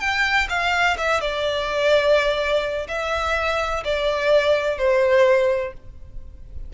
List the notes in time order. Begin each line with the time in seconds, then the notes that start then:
0.00 G5
0.49 F5
0.98 E5
1.21 D5
2.88 E5
3.84 D5
4.78 C5